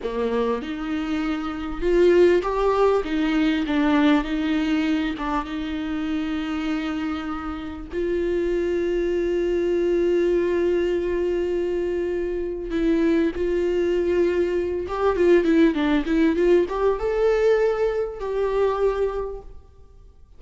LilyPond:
\new Staff \with { instrumentName = "viola" } { \time 4/4 \tempo 4 = 99 ais4 dis'2 f'4 | g'4 dis'4 d'4 dis'4~ | dis'8 d'8 dis'2.~ | dis'4 f'2.~ |
f'1~ | f'4 e'4 f'2~ | f'8 g'8 f'8 e'8 d'8 e'8 f'8 g'8 | a'2 g'2 | }